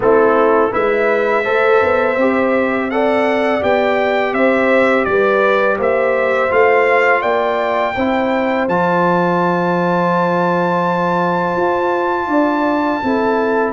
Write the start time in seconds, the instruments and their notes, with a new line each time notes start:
0.00 tuba A3, trombone C4, horn E4, trumpet A4
0.70 tuba G#3, trombone E4, horn B4, trumpet E5
1.44 tuba A3, trombone A4, horn C5
1.82 tuba B3
2.16 tuba C4, trombone G4
2.90 trombone A4, horn D5, trumpet F#5
3.61 tuba B3, trombone G4, trumpet G5
4.32 tuba C4, horn C5, trumpet E5
5.04 tuba G3, horn B4, trumpet D5
5.77 tuba A#3, horn C5, trumpet E5
6.49 tuba A3, trombone F4, trumpet F5
7.21 tuba A#3, horn D5, trumpet G5
7.95 tuba C4, trombone E4, horn C5
8.67 tuba F3, trombone F4, trumpet A5
11.56 tuba F4
12.27 tuba D4, horn D5
13.02 tuba C4, trombone E4, horn A4